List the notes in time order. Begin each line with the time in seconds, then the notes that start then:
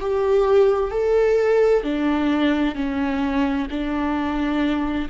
0.00 G4
0.91 A4
1.83 D4
2.75 C#4
3.70 D4